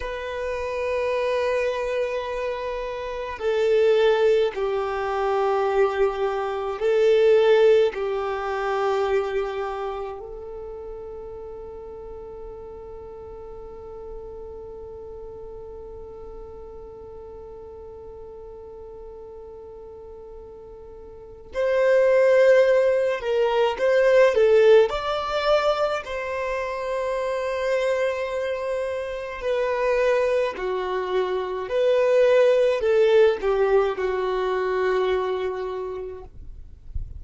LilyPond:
\new Staff \with { instrumentName = "violin" } { \time 4/4 \tempo 4 = 53 b'2. a'4 | g'2 a'4 g'4~ | g'4 a'2.~ | a'1~ |
a'2. c''4~ | c''8 ais'8 c''8 a'8 d''4 c''4~ | c''2 b'4 fis'4 | b'4 a'8 g'8 fis'2 | }